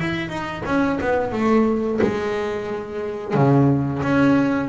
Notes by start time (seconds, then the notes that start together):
0.00 E4
0.29 D#4
0.66 C#4
1.01 B3
1.32 A3
2.01 G#3
3.34 C#3
4.03 C#4